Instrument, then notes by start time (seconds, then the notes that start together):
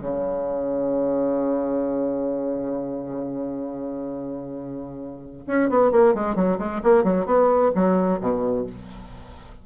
bassoon
0.00 C#3
5.47 C#4
5.69 B3
5.92 A#3
6.14 G#3
6.35 F#3
6.59 G#3
6.83 A#3
7.04 F#3
7.26 B3
7.75 F#3
8.21 B2